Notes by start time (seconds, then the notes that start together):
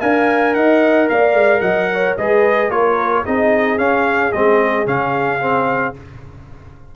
0.00 D4 A#4 F5 G#5
0.54 D#4 D#5 F#5
1.09 A#3 D5 F5
1.34 G#3
1.60 F#3 D#5 F#5
1.92 C#5
2.17 G#3 G#4 B4 D#5
2.69 A#3 F4 A#4 C#5
3.24 C4 D#4 G#4 D#5
3.77 C#4 F5
4.32 G#3 C4 D#5
4.85 C#3 C#4 F5
5.40 C4